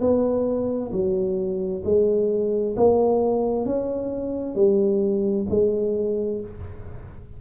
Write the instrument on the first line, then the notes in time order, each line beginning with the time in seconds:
tuba
0.00 B3
0.92 F#3
1.84 G#3
2.76 A#3
3.65 C#4
4.55 G3
5.50 G#3